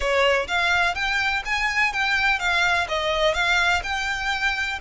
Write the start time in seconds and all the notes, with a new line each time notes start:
0.00 C#5
0.47 F5
0.94 G5
1.45 G#5
1.92 G5
2.39 F5
2.88 D#5
3.33 F5
3.83 G5